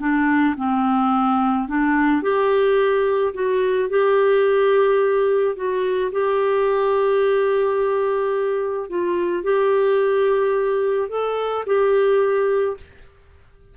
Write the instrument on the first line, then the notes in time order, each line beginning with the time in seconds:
clarinet
0.00 D4
0.57 C4
1.69 D4
2.22 G4
3.34 F#4
3.90 G4
5.56 F#4
6.12 G4
8.90 F4
9.44 G4
11.09 A4
11.66 G4